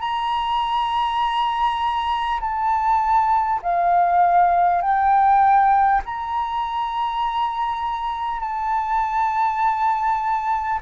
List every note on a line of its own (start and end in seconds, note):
0.00 2.40 A#5
2.41 3.61 A5
3.63 4.82 F5
4.82 6.02 G5
6.05 8.41 A#5
8.41 10.81 A5